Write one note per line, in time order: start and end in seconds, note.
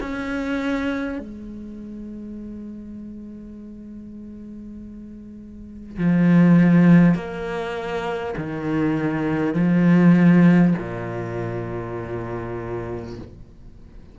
0.00 1.18 C#4
1.18 5.98 G#3
5.98 7.15 F3
7.15 8.35 A#3
8.37 9.54 D#3
9.54 10.74 F3
10.78 13.18 A#2